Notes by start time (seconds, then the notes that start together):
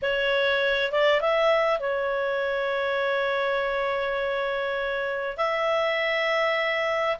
0.01 C#5
0.92 D5
1.21 E5
1.79 C#5
5.37 E5